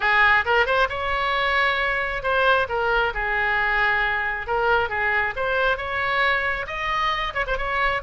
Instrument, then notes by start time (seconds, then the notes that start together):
oboe
0.00 G#4
0.45 A#4
0.65 C5
0.89 C#5
2.22 C5
2.68 A#4
3.14 G#4
4.46 A#4
4.89 G#4
5.36 C5
5.77 C#5
6.66 D#5
7.33 C#5
7.46 C5
7.57 C#5